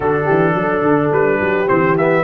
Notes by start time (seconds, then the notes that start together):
0.00 D3 D4 F#4 A4
0.25 E3 G4
0.54 F#3 A4
0.82 D3
1.11 G3 B4
1.40 F#3 G4
1.67 E3 C4 C5
1.97 B3 E5